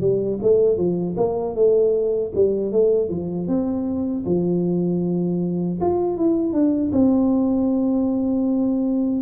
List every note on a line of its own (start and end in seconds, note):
0.00 0.38 G3
0.42 0.77 A3
0.77 1.15 F3
1.16 1.55 A#3
1.55 2.32 A3
2.34 2.72 G3
2.72 3.09 A3
3.09 3.47 F3
3.47 4.24 C4
4.25 5.79 F3
5.80 6.17 F4
6.17 6.52 E4
6.52 6.91 D4
6.92 9.22 C4